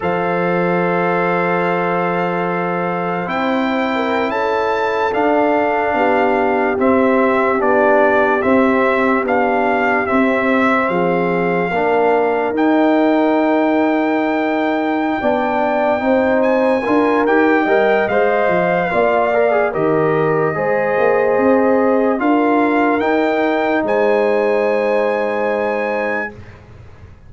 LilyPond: <<
  \new Staff \with { instrumentName = "trumpet" } { \time 4/4 \tempo 4 = 73 f''1 | g''4~ g''16 a''4 f''4.~ f''16~ | f''16 e''4 d''4 e''4 f''8.~ | f''16 e''4 f''2 g''8.~ |
g''1 | gis''4 g''4 f''2 | dis''2. f''4 | g''4 gis''2. | }
  \new Staff \with { instrumentName = "horn" } { \time 4/4 c''1~ | c''8. ais'8 a'2 g'8.~ | g'1~ | g'4~ g'16 gis'4 ais'4.~ ais'16~ |
ais'2~ ais'8 d''4 c''8~ | c''8 ais'4 dis''4. d''4 | ais'4 c''2 ais'4~ | ais'4 c''2. | }
  \new Staff \with { instrumentName = "trombone" } { \time 4/4 a'1 | e'2~ e'16 d'4.~ d'16~ | d'16 c'4 d'4 c'4 d'8.~ | d'16 c'2 d'4 dis'8.~ |
dis'2~ dis'8 d'4 dis'8~ | dis'8 f'8 g'8 ais'8 c''4 f'8 ais'16 gis'16 | g'4 gis'2 f'4 | dis'1 | }
  \new Staff \with { instrumentName = "tuba" } { \time 4/4 f1 | c'4~ c'16 cis'4 d'4 b8.~ | b16 c'4 b4 c'4 b8.~ | b16 c'4 f4 ais4 dis'8.~ |
dis'2~ dis'8 b4 c'8~ | c'8 d'8 dis'8 g8 gis8 f8 ais4 | dis4 gis8 ais8 c'4 d'4 | dis'4 gis2. | }
>>